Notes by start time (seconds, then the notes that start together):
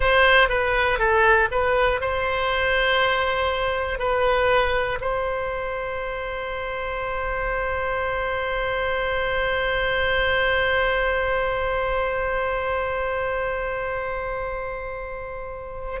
0.00 C5
0.48 B4
0.98 A4
1.50 B4
2.00 C5
3.99 B4
5.00 C5